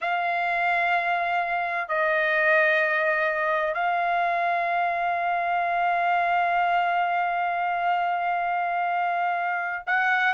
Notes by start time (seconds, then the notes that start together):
0.01 F5
1.88 D#5
3.74 F5
9.87 F#5